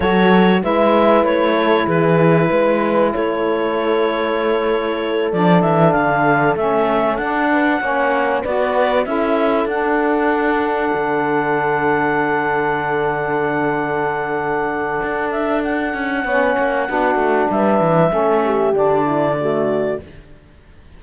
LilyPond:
<<
  \new Staff \with { instrumentName = "clarinet" } { \time 4/4 \tempo 4 = 96 cis''4 e''4 cis''4 b'4~ | b'4 cis''2.~ | cis''8 d''8 e''8 f''4 e''4 fis''8~ | fis''4. d''4 e''4 fis''8~ |
fis''1~ | fis''1~ | fis''8 e''8 fis''2. | e''2 d''2 | }
  \new Staff \with { instrumentName = "horn" } { \time 4/4 a'4 b'4. a'8 gis'4 | b'4 a'2.~ | a'1 | b'8 cis''4 b'4 a'4.~ |
a'1~ | a'1~ | a'2 cis''4 fis'4 | b'4 a'8 g'4 e'8 fis'4 | }
  \new Staff \with { instrumentName = "saxophone" } { \time 4/4 fis'4 e'2.~ | e'1~ | e'8 d'2 cis'4 d'8~ | d'8 cis'4 fis'4 e'4 d'8~ |
d'1~ | d'1~ | d'2 cis'4 d'4~ | d'4 cis'4 d'4 a4 | }
  \new Staff \with { instrumentName = "cello" } { \time 4/4 fis4 gis4 a4 e4 | gis4 a2.~ | a8 f8 e8 d4 a4 d'8~ | d'8 ais4 b4 cis'4 d'8~ |
d'4. d2~ d8~ | d1 | d'4. cis'8 b8 ais8 b8 a8 | g8 e8 a4 d2 | }
>>